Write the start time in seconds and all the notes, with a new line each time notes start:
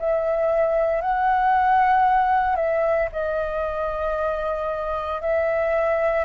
0.00 E5
1.02 F#5
2.56 E5
3.12 D#5
5.22 E5